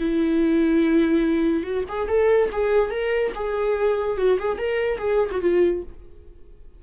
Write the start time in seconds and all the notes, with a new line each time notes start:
0.00 E4
1.63 F#4
1.88 G#4
2.08 A4
2.52 G#4
2.91 A#4
3.35 G#4
4.17 F#4
4.39 G#4
4.58 A#4
4.98 G#4
5.31 F#4
5.41 F4